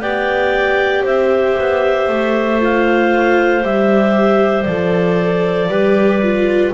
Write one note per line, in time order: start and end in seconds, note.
0.00 1.03 B3
0.00 2.60 G4
0.00 1.03 D5
0.00 1.05 G5
1.03 1.56 C4
1.03 5.69 C5
1.03 2.62 E5
1.58 2.08 B3
2.08 3.63 A3
2.60 3.63 F4
2.60 3.65 F5
3.63 4.67 G3
3.63 4.67 G4
3.63 4.64 E5
4.64 5.69 F3
4.64 5.70 A4
4.64 6.71 D5
5.69 6.72 G3
5.69 6.22 G4
5.69 6.73 B4
6.22 6.74 F4